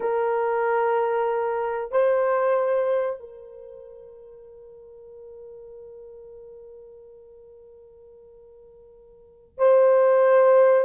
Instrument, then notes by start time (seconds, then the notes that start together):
horn
0.00 A#4
1.91 C5
3.19 A#4
9.58 C5